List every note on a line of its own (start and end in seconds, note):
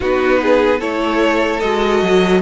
0.00 0.81 B3
0.00 0.80 D#4
0.00 0.40 F#4
0.00 0.80 B4
0.41 0.79 G#4
0.79 1.62 A3
0.79 1.61 E4
0.79 2.41 A4
0.79 1.60 C#5
1.60 2.02 G#3
1.60 2.41 F#4
1.60 2.41 D#5
2.02 2.41 F#3